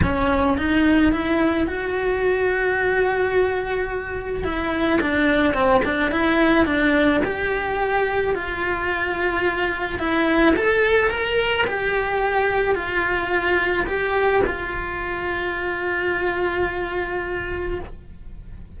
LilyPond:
\new Staff \with { instrumentName = "cello" } { \time 4/4 \tempo 4 = 108 cis'4 dis'4 e'4 fis'4~ | fis'1 | e'4 d'4 c'8 d'8 e'4 | d'4 g'2 f'4~ |
f'2 e'4 a'4 | ais'4 g'2 f'4~ | f'4 g'4 f'2~ | f'1 | }